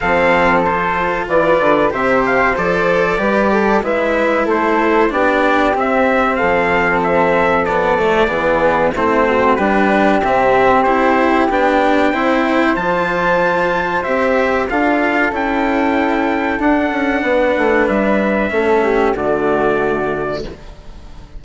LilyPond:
<<
  \new Staff \with { instrumentName = "trumpet" } { \time 4/4 \tempo 4 = 94 f''4 c''4 d''4 e''8 f''8 | d''2 e''4 c''4 | d''4 e''4 f''4 e''4 | d''2 c''4 b'4 |
e''4 c''4 g''2 | a''2 e''4 f''4 | g''2 fis''2 | e''2 d''2 | }
  \new Staff \with { instrumentName = "flute" } { \time 4/4 a'2 b'4 c''4~ | c''4 b'8 a'8 b'4 a'4 | g'2 a'2~ | a'4 gis'4 e'8 fis'8 g'4~ |
g'2. c''4~ | c''2. a'4~ | a'2. b'4~ | b'4 a'8 g'8 fis'2 | }
  \new Staff \with { instrumentName = "cello" } { \time 4/4 c'4 f'2 g'4 | a'4 g'4 e'2 | d'4 c'2. | b8 a8 b4 c'4 d'4 |
c'4 e'4 d'4 e'4 | f'2 g'4 f'4 | e'2 d'2~ | d'4 cis'4 a2 | }
  \new Staff \with { instrumentName = "bassoon" } { \time 4/4 f2 e8 d8 c4 | f4 g4 gis4 a4 | b4 c'4 f2~ | f4 e4 a4 g4 |
c4 c'4 b4 c'4 | f2 c'4 d'4 | cis'2 d'8 cis'8 b8 a8 | g4 a4 d2 | }
>>